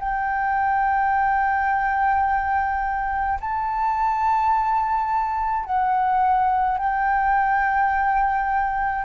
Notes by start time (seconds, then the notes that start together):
0.00 G5
3.41 A5
5.66 F#5
6.78 G5